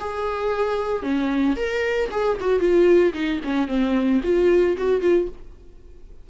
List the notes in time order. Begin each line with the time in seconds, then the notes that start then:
0.00 G#4
1.03 C#4
1.56 A#4
2.11 G#4
2.40 F#4
2.60 F4
3.14 D#4
3.44 C#4
3.68 C4
4.23 F4
4.78 F#4
5.01 F4